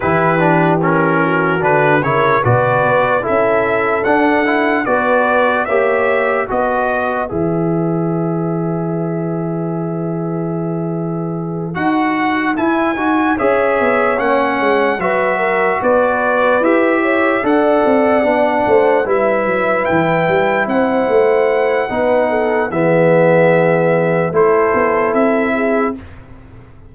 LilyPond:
<<
  \new Staff \with { instrumentName = "trumpet" } { \time 4/4 \tempo 4 = 74 b'4 ais'4 b'8 cis''8 d''4 | e''4 fis''4 d''4 e''4 | dis''4 e''2.~ | e''2~ e''8 fis''4 gis''8~ |
gis''8 e''4 fis''4 e''4 d''8~ | d''8 e''4 fis''2 e''8~ | e''8 g''4 fis''2~ fis''8 | e''2 c''4 e''4 | }
  \new Staff \with { instrumentName = "horn" } { \time 4/4 g'4. fis'4 ais'8 b'4 | a'2 b'4 cis''4 | b'1~ | b'1~ |
b'8 cis''2 b'8 ais'8 b'8~ | b'4 cis''8 d''4. c''8 b'8~ | b'4. c''4. b'8 a'8 | gis'2 a'4. gis'8 | }
  \new Staff \with { instrumentName = "trombone" } { \time 4/4 e'8 d'8 cis'4 d'8 e'8 fis'4 | e'4 d'8 e'8 fis'4 g'4 | fis'4 gis'2.~ | gis'2~ gis'8 fis'4 e'8 |
fis'8 gis'4 cis'4 fis'4.~ | fis'8 g'4 a'4 d'4 e'8~ | e'2. dis'4 | b2 e'2 | }
  \new Staff \with { instrumentName = "tuba" } { \time 4/4 e2 d8 cis8 b,8 b8 | cis'4 d'4 b4 ais4 | b4 e2.~ | e2~ e8 dis'4 e'8 |
dis'8 cis'8 b8 ais8 gis8 fis4 b8~ | b8 e'4 d'8 c'8 b8 a8 g8 | fis8 e8 g8 c'8 a4 b4 | e2 a8 b8 c'4 | }
>>